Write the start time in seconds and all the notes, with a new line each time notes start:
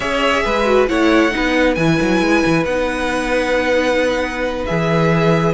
0.00 C#4 G#4 C#5 E5
0.45 G#3 B4
0.65 F#4
0.88 A3 E4 C#5 F#5
1.30 B3 D#4 B4
1.74 E3 E4 G#5
2.01 F#3
2.20 G#3
2.46 E3
2.64 B3 D#4 F#5
4.65 E3 G#4 E5